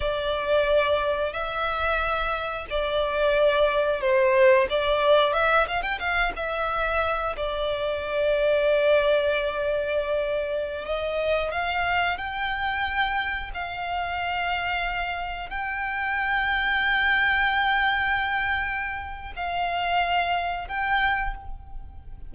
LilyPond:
\new Staff \with { instrumentName = "violin" } { \time 4/4 \tempo 4 = 90 d''2 e''2 | d''2 c''4 d''4 | e''8 f''16 g''16 f''8 e''4. d''4~ | d''1~ |
d''16 dis''4 f''4 g''4.~ g''16~ | g''16 f''2. g''8.~ | g''1~ | g''4 f''2 g''4 | }